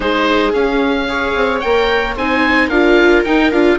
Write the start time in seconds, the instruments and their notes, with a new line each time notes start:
0.00 bassoon G#3, viola D#4 G#4, oboe C5
0.53 viola C#4, bassoon C#4, oboe F5
1.08 viola G#4 C#5
1.34 bassoon C4
1.60 bassoon A#3, viola A#4, oboe G5
2.15 bassoon C4, viola D#4 C5, oboe G#5
2.67 bassoon D4, viola F4 A#4, oboe F5
3.24 viola D#4, bassoon D#4, oboe G5
3.51 bassoon D4, viola F4, oboe F5